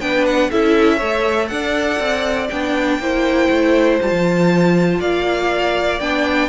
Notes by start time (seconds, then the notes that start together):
0.00 B3 D4 B4 G5
0.26 F#5
0.51 C#4 E4 A4 E5
0.96 A3 A4 C#5
1.48 D4 D5 F#5
1.99 C4
2.50 B3 D4 G5
2.99 A#3 E4 C5
3.49 A3
4.00 G3 F4 A5
4.11 F3
5.00 A#3 D5 F5
6.00 B3 D4 G5